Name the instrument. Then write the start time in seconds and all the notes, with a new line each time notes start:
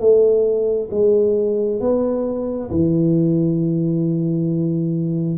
tuba
0.00 A3
0.91 G#3
1.81 B3
2.71 E3